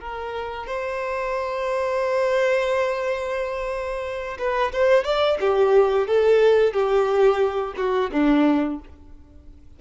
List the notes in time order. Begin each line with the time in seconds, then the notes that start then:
0.00 A#4
0.67 C5
4.38 B4
4.72 C5
5.04 D5
5.40 G4
6.07 A4
6.73 G4
7.77 F#4
8.12 D4